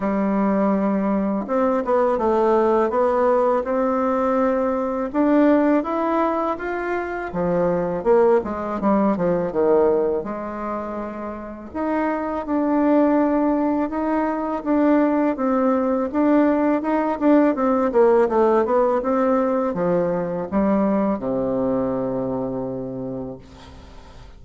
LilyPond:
\new Staff \with { instrumentName = "bassoon" } { \time 4/4 \tempo 4 = 82 g2 c'8 b8 a4 | b4 c'2 d'4 | e'4 f'4 f4 ais8 gis8 | g8 f8 dis4 gis2 |
dis'4 d'2 dis'4 | d'4 c'4 d'4 dis'8 d'8 | c'8 ais8 a8 b8 c'4 f4 | g4 c2. | }